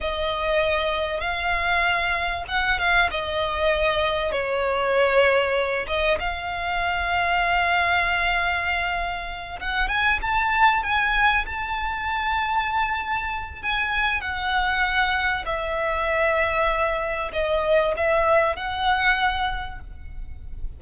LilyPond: \new Staff \with { instrumentName = "violin" } { \time 4/4 \tempo 4 = 97 dis''2 f''2 | fis''8 f''8 dis''2 cis''4~ | cis''4. dis''8 f''2~ | f''2.~ f''8 fis''8 |
gis''8 a''4 gis''4 a''4.~ | a''2 gis''4 fis''4~ | fis''4 e''2. | dis''4 e''4 fis''2 | }